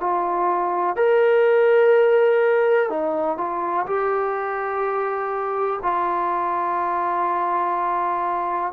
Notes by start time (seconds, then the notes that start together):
0.00 F4
0.96 A#4
2.89 D#4
3.37 F4
3.86 G4
5.82 F4